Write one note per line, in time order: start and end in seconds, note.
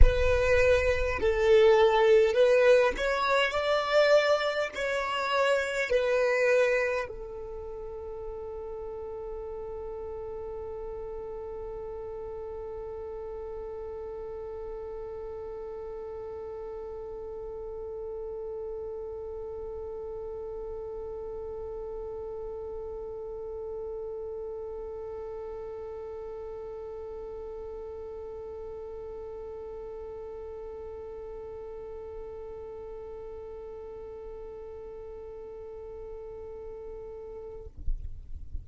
0.02 1.19 B4
1.20 2.33 A4
2.33 2.92 B4
2.97 3.51 C#5
3.51 4.68 D5
4.74 5.89 C#5
5.89 7.07 B4
7.07 37.66 A4